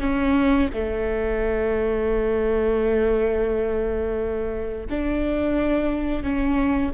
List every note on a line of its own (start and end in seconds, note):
0.00 0.69 C#4
0.73 4.87 A3
4.90 6.23 D4
6.23 6.92 C#4